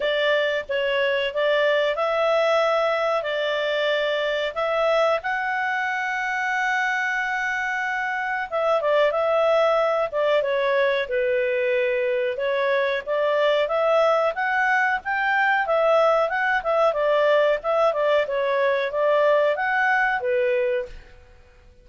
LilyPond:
\new Staff \with { instrumentName = "clarinet" } { \time 4/4 \tempo 4 = 92 d''4 cis''4 d''4 e''4~ | e''4 d''2 e''4 | fis''1~ | fis''4 e''8 d''8 e''4. d''8 |
cis''4 b'2 cis''4 | d''4 e''4 fis''4 g''4 | e''4 fis''8 e''8 d''4 e''8 d''8 | cis''4 d''4 fis''4 b'4 | }